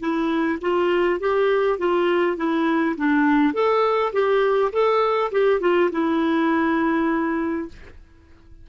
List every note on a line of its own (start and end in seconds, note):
0.00 0.59 E4
0.61 1.20 F4
1.20 1.79 G4
1.79 2.37 F4
2.37 2.96 E4
2.97 3.53 D4
3.53 4.12 A4
4.13 4.72 G4
4.72 5.31 A4
5.32 5.61 G4
5.61 5.90 F4
5.92 7.68 E4